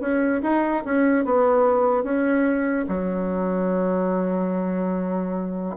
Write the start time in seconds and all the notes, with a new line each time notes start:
0.00 C#4
0.42 D#4
0.84 C#4
1.24 B3
2.03 C#4
2.88 F#3